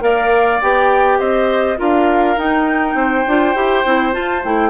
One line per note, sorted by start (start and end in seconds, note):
0.00 0.60 A#3
0.00 0.59 A#4
0.00 1.19 D5
0.00 0.61 F5
0.61 1.19 B3
0.61 1.77 G4
0.61 1.19 G5
1.19 1.78 C4
1.19 1.77 C5
1.19 1.78 D#5
1.77 2.37 D4
1.77 2.36 F4
1.77 2.96 A#4
1.77 2.38 F5
2.37 2.94 D#4
2.37 3.25 D#4
2.37 4.14 G5
2.94 3.23 C4
2.94 4.70 C5
3.26 3.55 D4
3.26 3.55 F4
3.55 3.84 E4
3.55 3.84 G4
3.85 4.14 C4
3.85 4.12 E4
4.12 4.42 F4
4.12 4.44 F4
4.12 4.43 A5
4.44 4.70 A3
4.44 4.70 E4
4.44 4.70 G5